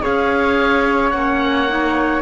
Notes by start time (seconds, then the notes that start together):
0.00 C#4 G#4 C#5 F5
1.10 A#3 C#4 F#5
1.68 D#4